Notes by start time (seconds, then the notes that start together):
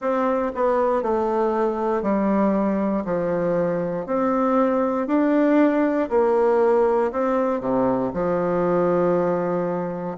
0.01 C4
0.54 B3
1.02 A3
2.02 G3
3.05 F3
4.06 C4
5.07 D4
6.09 A#3
7.11 C4
7.60 C3
8.14 F3